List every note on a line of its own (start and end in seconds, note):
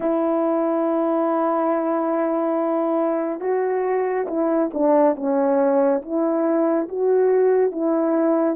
0.00 3.40 E4
3.40 4.26 F#4
4.27 4.70 E4
4.73 5.15 D4
5.15 6.01 C#4
6.02 6.88 E4
6.88 7.71 F#4
7.71 8.56 E4